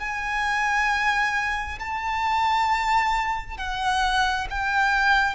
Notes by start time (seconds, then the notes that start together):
0.00 G#5
1.80 A5
3.58 F#5
4.50 G5